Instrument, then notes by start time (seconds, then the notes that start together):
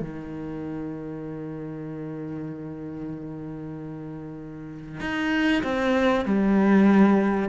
cello
0.00 D#3
5.00 D#4
5.63 C4
6.25 G3